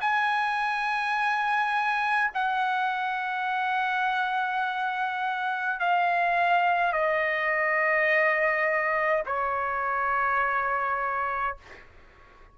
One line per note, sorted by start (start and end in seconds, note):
0.00 2.31 G#5
2.34 5.80 F#5
5.80 6.92 F5
6.92 9.23 D#5
9.26 11.56 C#5